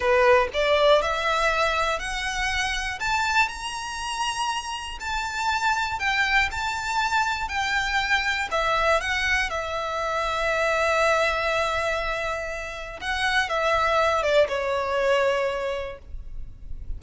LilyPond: \new Staff \with { instrumentName = "violin" } { \time 4/4 \tempo 4 = 120 b'4 d''4 e''2 | fis''2 a''4 ais''4~ | ais''2 a''2 | g''4 a''2 g''4~ |
g''4 e''4 fis''4 e''4~ | e''1~ | e''2 fis''4 e''4~ | e''8 d''8 cis''2. | }